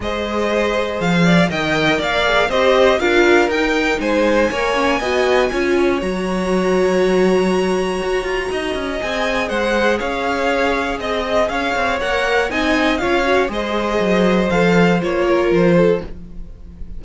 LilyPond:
<<
  \new Staff \with { instrumentName = "violin" } { \time 4/4 \tempo 4 = 120 dis''2 f''4 g''4 | f''4 dis''4 f''4 g''4 | gis''1 | ais''1~ |
ais''2 gis''4 fis''4 | f''2 dis''4 f''4 | fis''4 gis''4 f''4 dis''4~ | dis''4 f''4 cis''4 c''4 | }
  \new Staff \with { instrumentName = "violin" } { \time 4/4 c''2~ c''8 d''8 dis''4 | d''4 c''4 ais'2 | c''4 cis''4 dis''4 cis''4~ | cis''1~ |
cis''4 dis''2 c''4 | cis''2 dis''4 cis''4~ | cis''4 dis''4 cis''4 c''4~ | c''2~ c''8 ais'4 a'8 | }
  \new Staff \with { instrumentName = "viola" } { \time 4/4 gis'2. ais'4~ | ais'8 gis'8 g'4 f'4 dis'4~ | dis'4 ais'8 cis'8 fis'4 f'4 | fis'1~ |
fis'2 gis'2~ | gis'1 | ais'4 dis'4 f'8 fis'8 gis'4~ | gis'4 a'4 f'2 | }
  \new Staff \with { instrumentName = "cello" } { \time 4/4 gis2 f4 dis4 | ais4 c'4 d'4 dis'4 | gis4 ais4 b4 cis'4 | fis1 |
fis'8 f'8 dis'8 cis'8 c'4 gis4 | cis'2 c'4 cis'8 c'8 | ais4 c'4 cis'4 gis4 | fis4 f4 ais4 f4 | }
>>